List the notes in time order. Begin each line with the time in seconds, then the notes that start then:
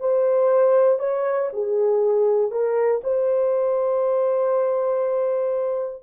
0.00 C5
0.99 C#5
1.53 G#4
2.51 A#4
3.03 C5